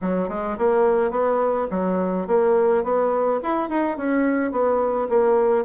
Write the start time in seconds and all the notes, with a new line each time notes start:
0.01 F#3
0.28 G#3
0.58 A#3
1.10 B3
1.70 F#3
2.27 A#3
2.83 B3
3.42 E4
3.69 D#4
3.97 C#4
4.51 B3
5.09 A#3